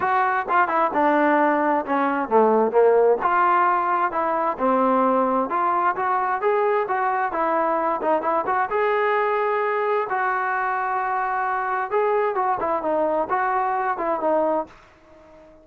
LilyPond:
\new Staff \with { instrumentName = "trombone" } { \time 4/4 \tempo 4 = 131 fis'4 f'8 e'8 d'2 | cis'4 a4 ais4 f'4~ | f'4 e'4 c'2 | f'4 fis'4 gis'4 fis'4 |
e'4. dis'8 e'8 fis'8 gis'4~ | gis'2 fis'2~ | fis'2 gis'4 fis'8 e'8 | dis'4 fis'4. e'8 dis'4 | }